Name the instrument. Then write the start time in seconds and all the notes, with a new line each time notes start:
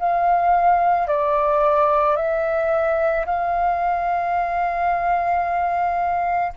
flute
0.00 F5
1.08 D5
2.17 E5
3.26 F5